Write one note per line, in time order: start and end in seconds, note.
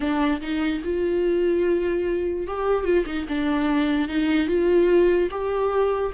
0.00 0.40 D4
0.41 0.82 D#4
0.84 2.47 F4
2.47 2.84 G4
2.84 3.04 F4
3.06 3.26 D#4
3.28 4.08 D4
4.08 4.47 D#4
4.47 5.29 F4
5.30 6.12 G4